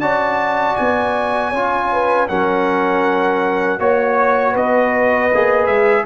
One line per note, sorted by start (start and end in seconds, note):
0.00 0.76 C#4
0.00 1.54 F#4
0.00 1.50 D5
0.00 0.76 A5
0.76 1.53 B3
0.76 2.28 G#5
1.50 2.29 C#4
1.50 2.28 F4
1.50 1.88 C#5
1.92 2.29 B4
2.28 3.79 F#3
2.28 3.79 C#4
2.28 3.80 A#4
2.28 3.80 F#5
3.79 4.55 A#3
3.79 5.31 F#4
3.79 4.56 C#5
3.79 4.51 C#5
4.51 5.32 B3
4.51 6.03 B4
4.51 5.66 D#5
5.34 5.67 A#3
5.34 6.06 G#4
5.66 6.05 G#3
5.66 6.04 E5